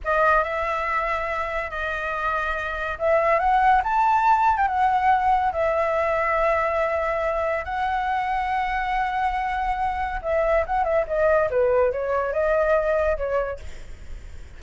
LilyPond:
\new Staff \with { instrumentName = "flute" } { \time 4/4 \tempo 4 = 141 dis''4 e''2. | dis''2. e''4 | fis''4 a''4.~ a''16 g''16 fis''4~ | fis''4 e''2.~ |
e''2 fis''2~ | fis''1 | e''4 fis''8 e''8 dis''4 b'4 | cis''4 dis''2 cis''4 | }